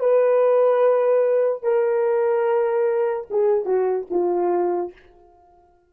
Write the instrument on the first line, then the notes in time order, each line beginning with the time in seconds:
horn
0.00 B4
1.63 A#4
3.30 G#4
3.65 F#4
4.11 F4